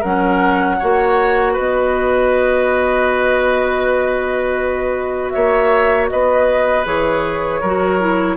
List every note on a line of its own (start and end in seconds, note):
0.00 0.80 F#3
0.00 0.80 C#4
0.00 0.76 A#4
0.00 1.55 F#5
0.79 1.58 A#3
0.79 6.86 F#4
0.79 1.53 C#5
1.53 5.35 B3
1.53 5.33 B4
1.53 5.30 D#5
5.30 6.11 A#3
5.30 6.10 C#5
5.30 6.06 E5
6.09 6.86 B3
6.09 7.61 B4
6.09 6.85 D#5
6.86 7.62 E3
6.86 7.62 G#4
6.86 8.37 C#5
7.61 8.37 F#3
7.61 8.00 F#4
7.61 8.37 A#4
8.00 8.37 E4